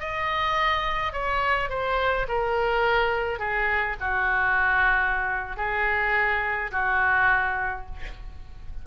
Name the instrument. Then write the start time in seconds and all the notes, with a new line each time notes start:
oboe
0.00 D#5
1.13 C#5
1.70 C5
2.28 A#4
3.39 G#4
4.00 F#4
5.57 G#4
6.72 F#4